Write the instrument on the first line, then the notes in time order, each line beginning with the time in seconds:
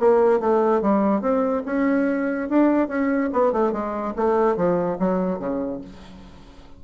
bassoon
0.00 A#3
0.41 A3
0.82 G3
1.22 C4
1.66 C#4
2.50 D4
2.89 C#4
3.33 B3
3.53 A3
3.73 G#3
4.16 A3
4.57 F3
5.00 F#3
5.40 C#3